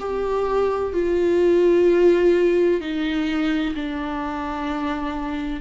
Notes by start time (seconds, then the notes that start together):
0.00 G4
0.93 F4
2.81 D#4
3.75 D4